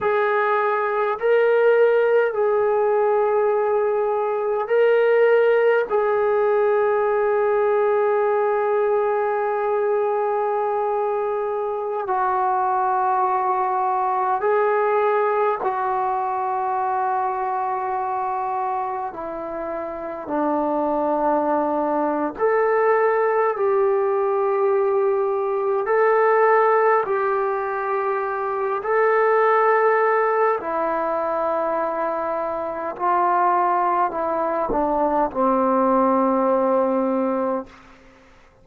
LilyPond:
\new Staff \with { instrumentName = "trombone" } { \time 4/4 \tempo 4 = 51 gis'4 ais'4 gis'2 | ais'4 gis'2.~ | gis'2~ gis'16 fis'4.~ fis'16~ | fis'16 gis'4 fis'2~ fis'8.~ |
fis'16 e'4 d'4.~ d'16 a'4 | g'2 a'4 g'4~ | g'8 a'4. e'2 | f'4 e'8 d'8 c'2 | }